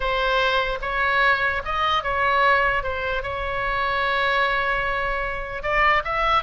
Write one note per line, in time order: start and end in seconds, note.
0.00 0.79 C5
0.81 1.62 C#5
1.64 2.03 D#5
2.03 2.83 C#5
2.83 3.22 C5
3.22 5.62 C#5
5.62 6.03 D5
6.04 6.43 E5